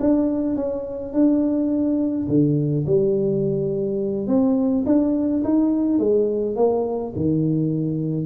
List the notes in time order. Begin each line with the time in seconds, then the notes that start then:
0.00 D4
0.56 C#4
1.13 D4
2.28 D3
2.86 G3
4.27 C4
4.86 D4
5.44 D#4
5.99 G#3
6.56 A#3
7.16 D#3